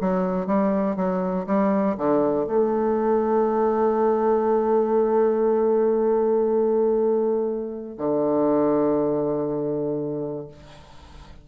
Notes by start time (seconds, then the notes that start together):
0.00 F#3
0.46 G3
0.96 F#3
1.46 G3
1.97 D3
2.46 A3
7.97 D3